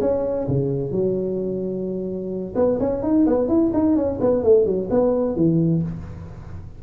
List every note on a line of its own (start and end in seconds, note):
0.00 0.47 C#4
0.47 0.91 C#3
0.91 2.54 F#3
2.55 2.78 B3
2.79 3.02 C#4
3.02 3.26 D#4
3.26 3.48 B3
3.48 3.71 E4
3.73 3.96 D#4
3.96 4.19 C#4
4.20 4.43 B3
4.43 4.65 A3
4.65 4.89 F#3
4.90 5.35 B3
5.35 5.82 E3